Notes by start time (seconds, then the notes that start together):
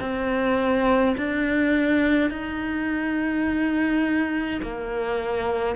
0.00 C4
1.17 D4
2.30 D#4
4.62 A#3